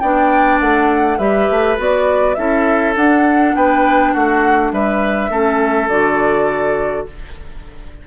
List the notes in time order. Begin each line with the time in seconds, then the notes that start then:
0.00 B3 D4 D5 G5
0.60 A3 F#5
1.18 G3 G4 B4 E5
1.51 A3
1.77 B3 F#4 D5
2.35 C#4 E4 A4 E5
2.96 D4 F#5
3.55 B3 B4 G5
4.13 A3 F#4 F#5
4.73 G3 B4 E5
5.30 A3 C#4 A4
5.89 D3 F#4 D5